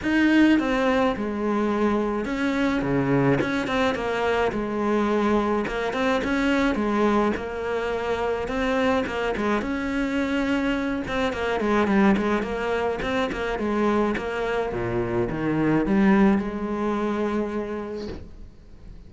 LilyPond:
\new Staff \with { instrumentName = "cello" } { \time 4/4 \tempo 4 = 106 dis'4 c'4 gis2 | cis'4 cis4 cis'8 c'8 ais4 | gis2 ais8 c'8 cis'4 | gis4 ais2 c'4 |
ais8 gis8 cis'2~ cis'8 c'8 | ais8 gis8 g8 gis8 ais4 c'8 ais8 | gis4 ais4 ais,4 dis4 | g4 gis2. | }